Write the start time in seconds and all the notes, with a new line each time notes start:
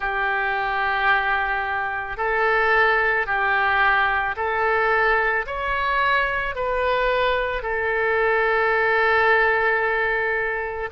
0.00 G4
2.17 A4
3.26 G4
4.36 A4
5.46 C#5
6.55 B4
7.62 A4